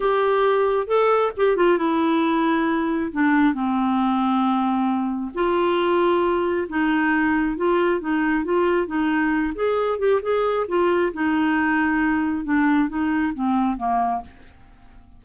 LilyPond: \new Staff \with { instrumentName = "clarinet" } { \time 4/4 \tempo 4 = 135 g'2 a'4 g'8 f'8 | e'2. d'4 | c'1 | f'2. dis'4~ |
dis'4 f'4 dis'4 f'4 | dis'4. gis'4 g'8 gis'4 | f'4 dis'2. | d'4 dis'4 c'4 ais4 | }